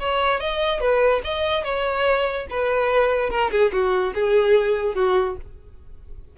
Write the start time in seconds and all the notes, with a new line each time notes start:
0.00 C#5
0.40 D#5
0.81 B4
1.24 D#5
1.64 C#5
2.50 B4
3.30 A#4
3.51 G#4
3.72 F#4
4.15 G#4
4.95 F#4